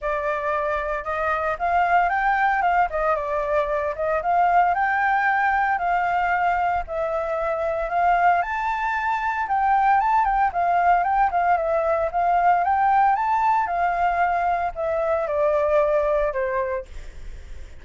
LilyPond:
\new Staff \with { instrumentName = "flute" } { \time 4/4 \tempo 4 = 114 d''2 dis''4 f''4 | g''4 f''8 dis''8 d''4. dis''8 | f''4 g''2 f''4~ | f''4 e''2 f''4 |
a''2 g''4 a''8 g''8 | f''4 g''8 f''8 e''4 f''4 | g''4 a''4 f''2 | e''4 d''2 c''4 | }